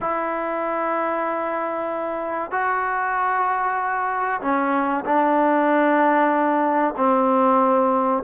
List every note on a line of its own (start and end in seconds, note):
0.00 2.51 E4
2.51 4.40 F#4
4.41 5.04 C#4
5.05 6.94 D4
6.96 8.23 C4